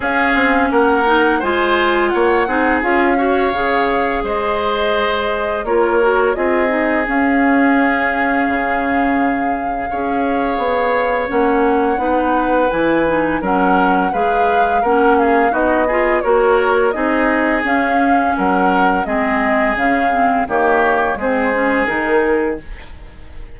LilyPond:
<<
  \new Staff \with { instrumentName = "flute" } { \time 4/4 \tempo 4 = 85 f''4 fis''4 gis''4 fis''4 | f''2 dis''2 | cis''4 dis''4 f''2~ | f''1 |
fis''2 gis''4 fis''4 | f''4 fis''8 f''8 dis''4 cis''4 | dis''4 f''4 fis''4 dis''4 | f''4 cis''4 c''4 ais'4 | }
  \new Staff \with { instrumentName = "oboe" } { \time 4/4 gis'4 ais'4 c''4 cis''8 gis'8~ | gis'8 cis''4. c''2 | ais'4 gis'2.~ | gis'2 cis''2~ |
cis''4 b'2 ais'4 | b'4 ais'8 gis'8 fis'8 gis'8 ais'4 | gis'2 ais'4 gis'4~ | gis'4 g'4 gis'2 | }
  \new Staff \with { instrumentName = "clarinet" } { \time 4/4 cis'4. dis'8 f'4. dis'8 | f'8 fis'8 gis'2. | f'8 fis'8 f'8 dis'8 cis'2~ | cis'2 gis'2 |
cis'4 dis'4 e'8 dis'8 cis'4 | gis'4 cis'4 dis'8 f'8 fis'4 | dis'4 cis'2 c'4 | cis'8 c'8 ais4 c'8 cis'8 dis'4 | }
  \new Staff \with { instrumentName = "bassoon" } { \time 4/4 cis'8 c'8 ais4 gis4 ais8 c'8 | cis'4 cis4 gis2 | ais4 c'4 cis'2 | cis2 cis'4 b4 |
ais4 b4 e4 fis4 | gis4 ais4 b4 ais4 | c'4 cis'4 fis4 gis4 | cis4 dis4 gis4 dis4 | }
>>